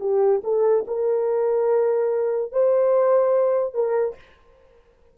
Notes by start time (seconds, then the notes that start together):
0.00 G4
0.44 A4
0.87 A#4
2.52 C5
3.74 A#4